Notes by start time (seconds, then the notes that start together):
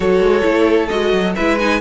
0.00 F#3 F#4 A4 C#5
0.19 G#3
0.42 A3 E4
0.88 G#3 F#4 D#5
1.12 F#3
1.35 G#3 E4 B4 E5
1.58 D#4 G#5